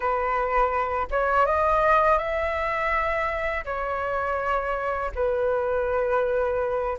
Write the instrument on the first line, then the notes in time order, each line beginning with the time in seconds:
flute
0.00 B4
1.10 C#5
1.45 D#5
2.18 E5
3.64 C#5
5.15 B4